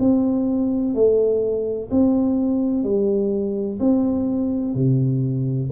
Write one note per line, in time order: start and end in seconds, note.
0.00 0.95 C4
0.95 1.90 A3
1.91 2.84 C4
2.84 3.79 G3
3.80 4.75 C4
4.75 5.70 C3